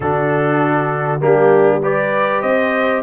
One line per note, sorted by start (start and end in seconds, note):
0.00 1.20 D3
0.00 1.19 D4
0.00 1.21 F#4
0.00 1.21 A4
1.19 2.42 G3
1.19 1.80 A#3
1.19 1.81 D4
1.19 1.82 G4
1.81 3.03 G4
1.81 2.42 B4
1.81 2.41 D5
2.41 3.03 C4
2.41 3.02 C5
2.41 3.02 D#5